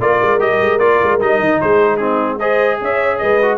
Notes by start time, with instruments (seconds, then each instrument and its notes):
0.00 tuba A#3, trombone F4, horn A#4, trumpet D5
0.22 tuba G#3
0.40 tuba G3, trombone G4, trumpet D#5
0.61 tuba G#3
0.79 tuba A#3, trombone F4, trumpet D5
1.04 tuba G#3
1.21 tuba G3, trombone D#4, trumpet D#5
1.40 tuba D#3
1.61 tuba G#3, horn G#4, trumpet C5
1.97 trombone C4, horn D#4, trumpet G#4
2.40 trombone G#4, horn C5, trumpet D#5
2.82 tuba C#4, horn C#5, trumpet E5
3.19 tuba G#3, horn B4, trumpet D#5
3.43 trombone F#4